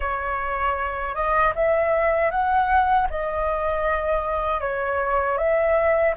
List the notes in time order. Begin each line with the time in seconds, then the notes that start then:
0.00 C#5
1.14 D#5
1.55 E5
2.30 F#5
3.10 D#5
4.60 C#5
5.37 E5